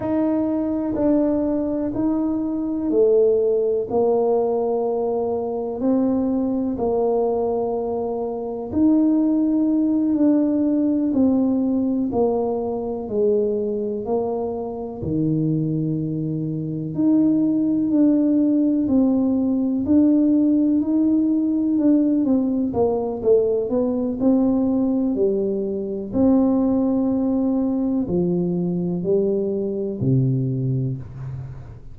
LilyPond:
\new Staff \with { instrumentName = "tuba" } { \time 4/4 \tempo 4 = 62 dis'4 d'4 dis'4 a4 | ais2 c'4 ais4~ | ais4 dis'4. d'4 c'8~ | c'8 ais4 gis4 ais4 dis8~ |
dis4. dis'4 d'4 c'8~ | c'8 d'4 dis'4 d'8 c'8 ais8 | a8 b8 c'4 g4 c'4~ | c'4 f4 g4 c4 | }